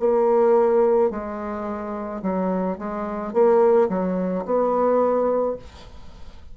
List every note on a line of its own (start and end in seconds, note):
0.00 1.11 A#3
1.11 2.22 G#3
2.22 2.78 F#3
2.78 3.33 G#3
3.33 3.89 A#3
3.89 4.44 F#3
4.45 5.56 B3